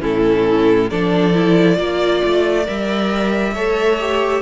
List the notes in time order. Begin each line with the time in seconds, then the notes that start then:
0.00 A2 C#4 E4 A4
0.90 F3 D4 A4 D5
1.33 E4
1.76 A#3 F4 D5
2.24 A3
2.65 G3 A#4 E5
3.54 A3 A4 C#5
3.99 G4